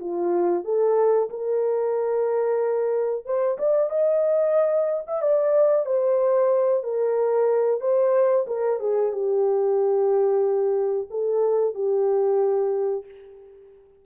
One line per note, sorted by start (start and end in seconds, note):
0.00 0.65 F4
0.65 1.30 A4
1.30 3.25 A#4
3.25 3.58 C5
3.59 3.90 D5
3.90 5.04 D#5
5.07 5.22 E5
5.22 5.86 D5
5.86 6.84 C5
6.84 7.81 A#4
7.81 8.46 C5
8.48 8.80 A#4
8.80 9.12 G#4
9.12 11.08 G4
11.10 11.75 A4
11.75 13.05 G4